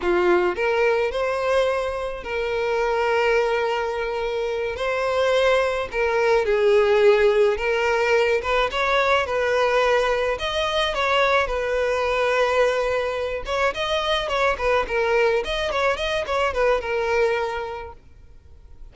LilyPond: \new Staff \with { instrumentName = "violin" } { \time 4/4 \tempo 4 = 107 f'4 ais'4 c''2 | ais'1~ | ais'8 c''2 ais'4 gis'8~ | gis'4. ais'4. b'8 cis''8~ |
cis''8 b'2 dis''4 cis''8~ | cis''8 b'2.~ b'8 | cis''8 dis''4 cis''8 b'8 ais'4 dis''8 | cis''8 dis''8 cis''8 b'8 ais'2 | }